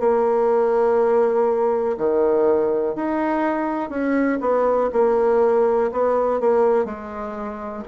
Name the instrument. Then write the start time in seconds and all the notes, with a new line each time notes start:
bassoon
0.00 A#3
1.98 D#3
2.95 D#4
3.90 C#4
4.40 B3
4.93 A#3
5.92 B3
6.40 A#3
6.85 G#3